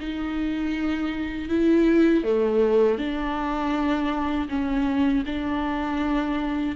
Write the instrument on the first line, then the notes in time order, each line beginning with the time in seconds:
viola
0.00 D#4
1.49 E4
2.24 A3
2.99 D4
4.49 C#4
5.26 D4